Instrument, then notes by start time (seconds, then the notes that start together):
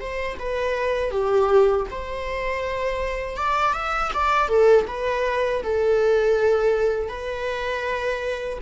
viola
0.00 C5
0.39 B4
1.11 G4
1.91 C5
3.36 D5
3.73 E5
4.14 D5
4.48 A4
4.87 B4
5.62 A4
7.08 B4